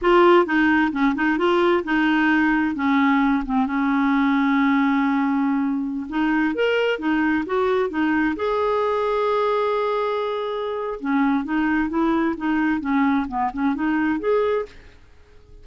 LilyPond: \new Staff \with { instrumentName = "clarinet" } { \time 4/4 \tempo 4 = 131 f'4 dis'4 cis'8 dis'8 f'4 | dis'2 cis'4. c'8 | cis'1~ | cis'4~ cis'16 dis'4 ais'4 dis'8.~ |
dis'16 fis'4 dis'4 gis'4.~ gis'16~ | gis'1 | cis'4 dis'4 e'4 dis'4 | cis'4 b8 cis'8 dis'4 gis'4 | }